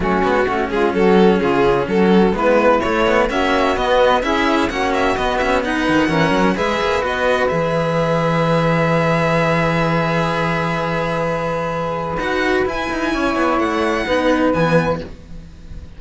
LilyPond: <<
  \new Staff \with { instrumentName = "violin" } { \time 4/4 \tempo 4 = 128 fis'4. gis'8 a'4 gis'4 | a'4 b'4 cis''4 e''4 | dis''4 e''4 fis''8 e''8 dis''8 e''8 | fis''2 e''4 dis''4 |
e''1~ | e''1~ | e''2 fis''4 gis''4~ | gis''4 fis''2 gis''4 | }
  \new Staff \with { instrumentName = "saxophone" } { \time 4/4 cis'4 fis'8 f'8 fis'4 f'4 | fis'4 e'2 fis'4~ | fis'4 gis'4 fis'2 | b'4 ais'4 b'2~ |
b'1~ | b'1~ | b'1 | cis''2 b'2 | }
  \new Staff \with { instrumentName = "cello" } { \time 4/4 a8 b8 cis'2.~ | cis'4 b4 a8 b8 cis'4 | b4 e'4 cis'4 b8 cis'8 | dis'4 cis'4 gis'4 fis'4 |
gis'1~ | gis'1~ | gis'2 fis'4 e'4~ | e'2 dis'4 b4 | }
  \new Staff \with { instrumentName = "cello" } { \time 4/4 fis8 gis8 a8 gis8 fis4 cis4 | fis4 gis4 a4 ais4 | b4 cis'4 ais4 b4~ | b8 dis8 e8 fis8 gis8 ais8 b4 |
e1~ | e1~ | e2 dis'4 e'8 dis'8 | cis'8 b8 a4 b4 e4 | }
>>